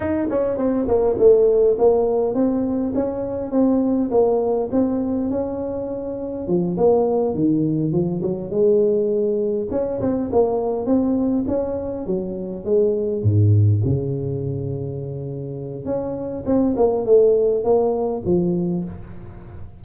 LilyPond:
\new Staff \with { instrumentName = "tuba" } { \time 4/4 \tempo 4 = 102 dis'8 cis'8 c'8 ais8 a4 ais4 | c'4 cis'4 c'4 ais4 | c'4 cis'2 f8 ais8~ | ais8 dis4 f8 fis8 gis4.~ |
gis8 cis'8 c'8 ais4 c'4 cis'8~ | cis'8 fis4 gis4 gis,4 cis8~ | cis2. cis'4 | c'8 ais8 a4 ais4 f4 | }